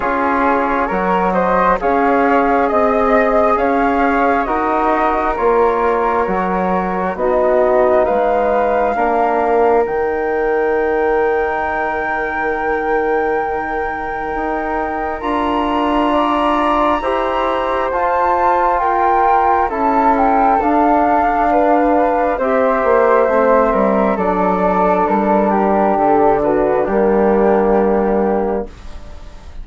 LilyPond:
<<
  \new Staff \with { instrumentName = "flute" } { \time 4/4 \tempo 4 = 67 cis''4. dis''8 f''4 dis''4 | f''4 dis''4 cis''2 | dis''4 f''2 g''4~ | g''1~ |
g''4 ais''2. | a''4 g''4 a''8 g''8 f''4~ | f''4 e''2 d''4 | ais'4 a'8 b'8 g'2 | }
  \new Staff \with { instrumentName = "flute" } { \time 4/4 gis'4 ais'8 c''8 cis''4 dis''4 | cis''4 ais'2. | fis'4 b'4 ais'2~ | ais'1~ |
ais'2 d''4 c''4~ | c''4 ais'4 a'2 | b'4 c''4. ais'8 a'4~ | a'8 g'4 fis'8 d'2 | }
  \new Staff \with { instrumentName = "trombone" } { \time 4/4 f'4 fis'4 gis'2~ | gis'4 fis'4 f'4 fis'4 | dis'2 d'4 dis'4~ | dis'1~ |
dis'4 f'2 g'4 | f'2 e'4 d'4~ | d'4 g'4 c'4 d'4~ | d'2 ais2 | }
  \new Staff \with { instrumentName = "bassoon" } { \time 4/4 cis'4 fis4 cis'4 c'4 | cis'4 dis'4 ais4 fis4 | b4 gis4 ais4 dis4~ | dis1 |
dis'4 d'2 e'4 | f'2 cis'4 d'4~ | d'4 c'8 ais8 a8 g8 fis4 | g4 d4 g2 | }
>>